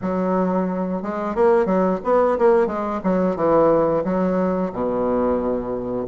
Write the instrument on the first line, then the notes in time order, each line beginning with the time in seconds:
bassoon
0.01 F#3
1.02 G#3
1.35 A#3
1.65 F#3
2.04 B3
2.38 A#3
2.66 G#3
3.03 F#3
3.36 E3
4.04 F#3
4.72 B2